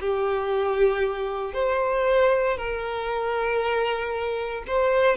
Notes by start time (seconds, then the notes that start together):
0.00 G4
1.53 C5
2.57 A#4
4.67 C5